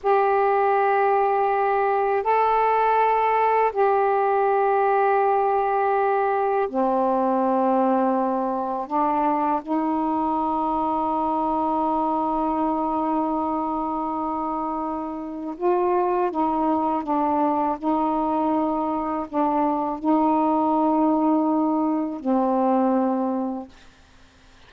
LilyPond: \new Staff \with { instrumentName = "saxophone" } { \time 4/4 \tempo 4 = 81 g'2. a'4~ | a'4 g'2.~ | g'4 c'2. | d'4 dis'2.~ |
dis'1~ | dis'4 f'4 dis'4 d'4 | dis'2 d'4 dis'4~ | dis'2 c'2 | }